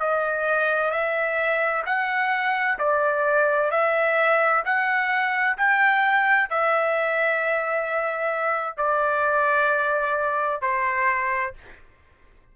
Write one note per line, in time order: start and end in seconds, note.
0.00 0.91 D#5
0.91 1.83 E5
1.86 2.79 F#5
2.79 3.71 D5
3.71 4.64 E5
4.65 5.58 F#5
5.58 6.50 G5
6.50 8.77 E5
8.77 10.62 D5
10.62 11.54 C5